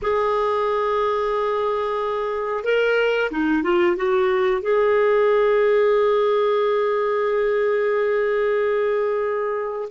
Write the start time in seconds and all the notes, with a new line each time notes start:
0.02 G#4
2.64 A#4
3.30 D#4
3.63 F4
3.96 F#4
4.61 G#4